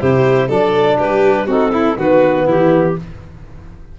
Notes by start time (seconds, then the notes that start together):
0.00 C3 E4 G4 C5
0.48 F#3 D4 A4 D5
0.98 G3 G4 B4
1.47 C4 D#4 F#4 A4
1.72 E4
1.96 D#3 B3 F#4 B4
2.46 E3 E4 G4